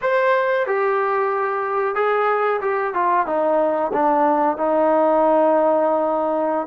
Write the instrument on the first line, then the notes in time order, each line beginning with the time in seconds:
trombone
0.01 C5
0.67 G4
1.95 G#4
2.61 G4
2.93 F4
3.26 D#4
3.93 D4
4.57 D#4